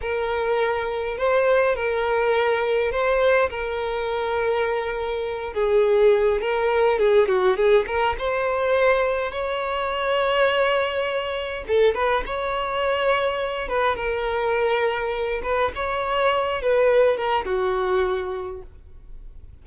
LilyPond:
\new Staff \with { instrumentName = "violin" } { \time 4/4 \tempo 4 = 103 ais'2 c''4 ais'4~ | ais'4 c''4 ais'2~ | ais'4. gis'4. ais'4 | gis'8 fis'8 gis'8 ais'8 c''2 |
cis''1 | a'8 b'8 cis''2~ cis''8 b'8 | ais'2~ ais'8 b'8 cis''4~ | cis''8 b'4 ais'8 fis'2 | }